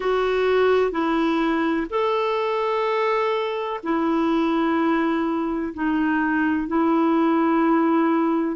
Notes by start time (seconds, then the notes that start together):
0.00 F#4
0.91 E4
1.90 A4
3.83 E4
5.74 D#4
6.67 E4